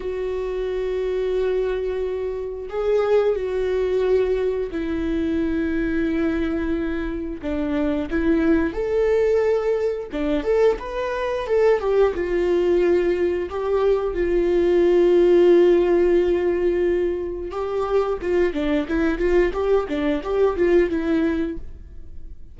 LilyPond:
\new Staff \with { instrumentName = "viola" } { \time 4/4 \tempo 4 = 89 fis'1 | gis'4 fis'2 e'4~ | e'2. d'4 | e'4 a'2 d'8 a'8 |
b'4 a'8 g'8 f'2 | g'4 f'2.~ | f'2 g'4 f'8 d'8 | e'8 f'8 g'8 d'8 g'8 f'8 e'4 | }